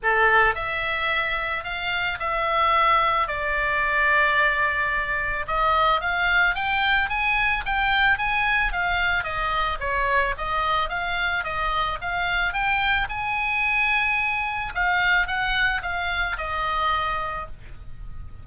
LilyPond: \new Staff \with { instrumentName = "oboe" } { \time 4/4 \tempo 4 = 110 a'4 e''2 f''4 | e''2 d''2~ | d''2 dis''4 f''4 | g''4 gis''4 g''4 gis''4 |
f''4 dis''4 cis''4 dis''4 | f''4 dis''4 f''4 g''4 | gis''2. f''4 | fis''4 f''4 dis''2 | }